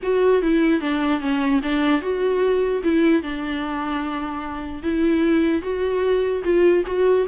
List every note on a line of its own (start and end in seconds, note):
0.03 0.42 F#4
0.42 0.81 E4
0.81 1.20 D4
1.20 1.60 C#4
1.62 2.01 D4
2.01 2.82 F#4
2.83 3.22 E4
3.22 4.82 D4
4.82 5.61 E4
5.61 6.42 F#4
6.43 6.84 F4
6.86 7.26 F#4